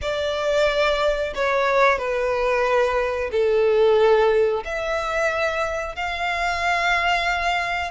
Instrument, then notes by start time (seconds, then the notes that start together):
violin
0.01 D5
1.34 C#5
1.98 B4
3.31 A4
4.64 E5
5.95 F5